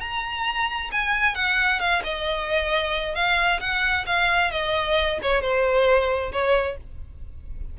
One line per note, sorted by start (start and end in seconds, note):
0.00 0.90 A#5
0.92 1.35 G#5
1.35 1.80 F#5
1.80 2.02 F5
2.04 3.15 D#5
3.15 3.60 F5
3.60 4.05 F#5
4.06 4.51 F5
4.51 5.19 D#5
5.22 5.41 C#5
5.41 6.32 C5
6.32 6.77 C#5